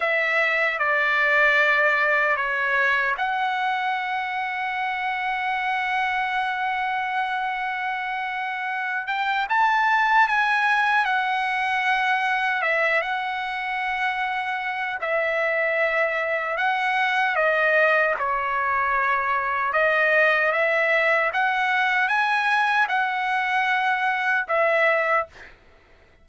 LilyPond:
\new Staff \with { instrumentName = "trumpet" } { \time 4/4 \tempo 4 = 76 e''4 d''2 cis''4 | fis''1~ | fis''2.~ fis''8 g''8 | a''4 gis''4 fis''2 |
e''8 fis''2~ fis''8 e''4~ | e''4 fis''4 dis''4 cis''4~ | cis''4 dis''4 e''4 fis''4 | gis''4 fis''2 e''4 | }